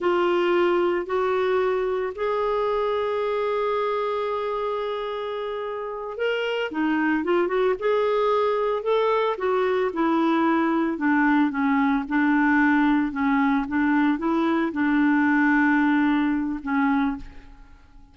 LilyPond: \new Staff \with { instrumentName = "clarinet" } { \time 4/4 \tempo 4 = 112 f'2 fis'2 | gis'1~ | gis'2.~ gis'8 ais'8~ | ais'8 dis'4 f'8 fis'8 gis'4.~ |
gis'8 a'4 fis'4 e'4.~ | e'8 d'4 cis'4 d'4.~ | d'8 cis'4 d'4 e'4 d'8~ | d'2. cis'4 | }